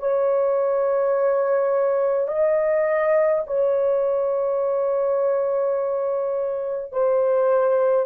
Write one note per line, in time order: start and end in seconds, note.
0.00 2.28 C#5
2.28 3.44 D#5
3.47 6.92 C#5
6.92 8.07 C5